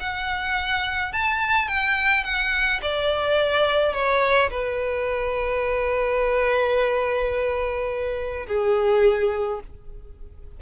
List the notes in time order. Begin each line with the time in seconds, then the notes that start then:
0.00 F#5
1.13 A5
1.68 G5
2.24 F#5
2.82 D5
3.93 C#5
4.51 B4
8.47 G#4